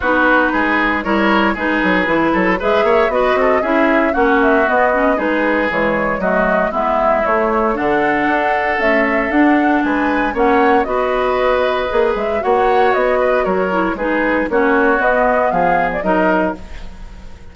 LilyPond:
<<
  \new Staff \with { instrumentName = "flute" } { \time 4/4 \tempo 4 = 116 b'2 cis''4 b'4~ | b'4 e''4 dis''4 e''4 | fis''8 e''8 dis''4 b'4 cis''4 | dis''4 e''4 cis''4 fis''4~ |
fis''4 e''4 fis''4 gis''4 | fis''4 dis''2~ dis''8 e''8 | fis''4 dis''4 cis''4 b'4 | cis''4 dis''4 f''8. d''16 dis''4 | }
  \new Staff \with { instrumentName = "oboe" } { \time 4/4 fis'4 gis'4 ais'4 gis'4~ | gis'8 a'8 b'8 cis''8 b'8 a'8 gis'4 | fis'2 gis'2 | fis'4 e'2 a'4~ |
a'2. b'4 | cis''4 b'2. | cis''4. b'8 ais'4 gis'4 | fis'2 gis'4 ais'4 | }
  \new Staff \with { instrumentName = "clarinet" } { \time 4/4 dis'2 e'4 dis'4 | e'4 gis'4 fis'4 e'4 | cis'4 b8 cis'8 dis'4 gis4 | a4 b4 a4 d'4~ |
d'4 a4 d'2 | cis'4 fis'2 gis'4 | fis'2~ fis'8 e'8 dis'4 | cis'4 b2 dis'4 | }
  \new Staff \with { instrumentName = "bassoon" } { \time 4/4 b4 gis4 g4 gis8 fis8 | e8 fis8 gis8 ais8 b8 c'8 cis'4 | ais4 b4 gis4 e4 | fis4 gis4 a4 d4 |
d'4 cis'4 d'4 gis4 | ais4 b2 ais8 gis8 | ais4 b4 fis4 gis4 | ais4 b4 f4 fis4 | }
>>